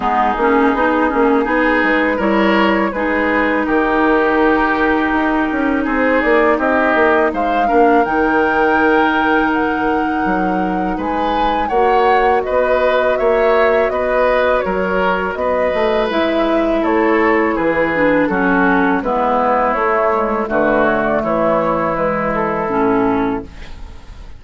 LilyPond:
<<
  \new Staff \with { instrumentName = "flute" } { \time 4/4 \tempo 4 = 82 gis'2~ gis'8 b'8 cis''4 | b'4 ais'2. | c''8 d''8 dis''4 f''4 g''4~ | g''4 fis''2 gis''4 |
fis''4 dis''4 e''4 dis''4 | cis''4 dis''4 e''4 cis''4 | b'4 a'4 b'4 cis''4 | b'8 cis''16 d''16 cis''4 b'8 a'4. | }
  \new Staff \with { instrumentName = "oboe" } { \time 4/4 dis'2 gis'4 ais'4 | gis'4 g'2. | gis'4 g'4 c''8 ais'4.~ | ais'2. b'4 |
cis''4 b'4 cis''4 b'4 | ais'4 b'2 a'4 | gis'4 fis'4 e'2 | fis'4 e'2. | }
  \new Staff \with { instrumentName = "clarinet" } { \time 4/4 b8 cis'8 dis'8 cis'8 dis'4 e'4 | dis'1~ | dis'2~ dis'8 d'8 dis'4~ | dis'1 |
fis'1~ | fis'2 e'2~ | e'8 d'8 cis'4 b4 a8 gis8 | a2 gis4 cis'4 | }
  \new Staff \with { instrumentName = "bassoon" } { \time 4/4 gis8 ais8 b8 ais8 b8 gis8 g4 | gis4 dis2 dis'8 cis'8 | c'8 ais8 c'8 ais8 gis8 ais8 dis4~ | dis2 fis4 gis4 |
ais4 b4 ais4 b4 | fis4 b8 a8 gis4 a4 | e4 fis4 gis4 a4 | d4 e2 a,4 | }
>>